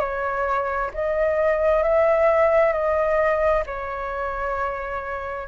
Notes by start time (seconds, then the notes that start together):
0.00 C#5
0.94 D#5
1.83 E5
2.73 D#5
3.67 C#5